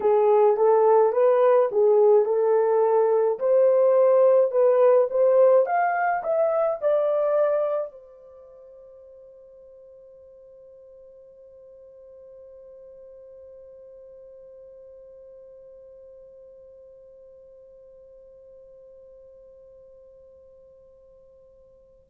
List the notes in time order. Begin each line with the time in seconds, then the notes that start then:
0.00 G#4
0.57 A4
1.12 B4
1.71 G#4
2.25 A4
3.39 C5
4.51 B4
5.10 C5
5.66 F5
6.23 E5
6.81 D5
7.91 C5